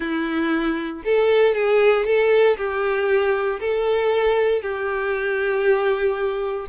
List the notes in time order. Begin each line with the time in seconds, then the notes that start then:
0.00 E4
1.05 A4
1.55 G#4
2.05 A4
2.57 G4
3.60 A4
4.62 G4